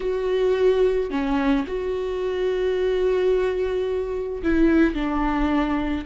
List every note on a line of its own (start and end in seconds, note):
0.00 1.10 F#4
1.10 1.65 C#4
1.67 4.42 F#4
4.42 4.94 E4
4.94 6.04 D4